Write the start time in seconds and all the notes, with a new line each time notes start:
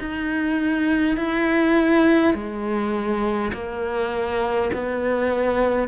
0.00 D#4
1.18 E4
2.34 G#3
3.53 A#3
4.74 B3